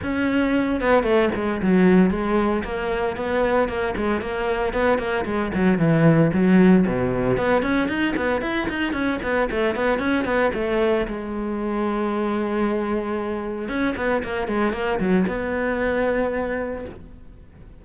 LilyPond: \new Staff \with { instrumentName = "cello" } { \time 4/4 \tempo 4 = 114 cis'4. b8 a8 gis8 fis4 | gis4 ais4 b4 ais8 gis8 | ais4 b8 ais8 gis8 fis8 e4 | fis4 b,4 b8 cis'8 dis'8 b8 |
e'8 dis'8 cis'8 b8 a8 b8 cis'8 b8 | a4 gis2.~ | gis2 cis'8 b8 ais8 gis8 | ais8 fis8 b2. | }